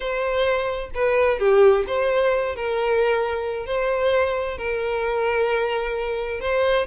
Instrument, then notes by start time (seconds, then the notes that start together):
violin
0.00 C5
0.94 B4
1.39 G4
1.86 C5
2.55 A#4
3.66 C5
4.57 A#4
6.40 C5